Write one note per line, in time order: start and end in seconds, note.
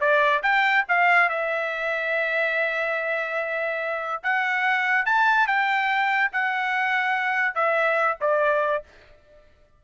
0.00 0.42 D5
0.43 0.85 G5
0.88 1.29 F5
1.29 4.22 E5
4.23 5.05 F#5
5.05 5.47 A5
5.47 6.31 G5
6.32 7.55 F#5
7.55 8.18 E5
8.20 8.83 D5